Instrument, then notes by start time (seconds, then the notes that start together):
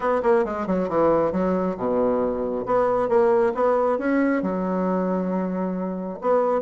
bassoon
0.00 B3
0.22 A#3
0.44 G#3
0.67 F#3
0.88 E3
1.32 F#3
1.77 B2
2.66 B3
3.08 A#3
3.54 B3
3.98 C#4
4.42 F#3
6.21 B3